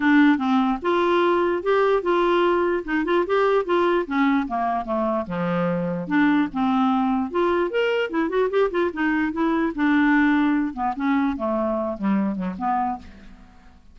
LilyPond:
\new Staff \with { instrumentName = "clarinet" } { \time 4/4 \tempo 4 = 148 d'4 c'4 f'2 | g'4 f'2 dis'8 f'8 | g'4 f'4 cis'4 ais4 | a4 f2 d'4 |
c'2 f'4 ais'4 | e'8 fis'8 g'8 f'8 dis'4 e'4 | d'2~ d'8 b8 cis'4 | a4. g4 fis8 b4 | }